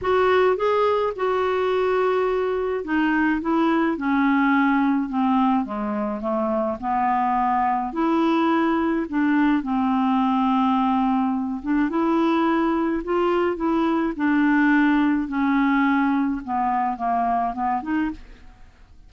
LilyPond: \new Staff \with { instrumentName = "clarinet" } { \time 4/4 \tempo 4 = 106 fis'4 gis'4 fis'2~ | fis'4 dis'4 e'4 cis'4~ | cis'4 c'4 gis4 a4 | b2 e'2 |
d'4 c'2.~ | c'8 d'8 e'2 f'4 | e'4 d'2 cis'4~ | cis'4 b4 ais4 b8 dis'8 | }